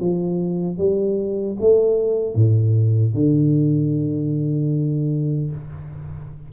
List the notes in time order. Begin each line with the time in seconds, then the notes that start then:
0.00 F3
0.78 G3
1.60 A3
2.35 A2
3.14 D3